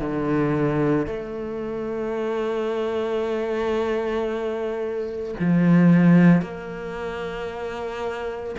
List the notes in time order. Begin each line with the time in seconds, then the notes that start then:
0.00 D3
1.06 A3
5.39 F3
6.41 A#3